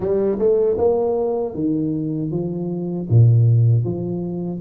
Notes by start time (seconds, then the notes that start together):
0.00 G3
0.38 A3
0.78 A#3
1.54 D#3
2.31 F3
3.09 A#2
3.84 F3